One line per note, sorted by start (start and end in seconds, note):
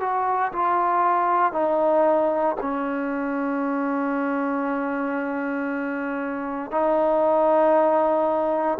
0.00 0.52 F#4
0.52 1.52 F4
1.52 2.56 D#4
2.61 6.71 C#4
6.71 8.78 D#4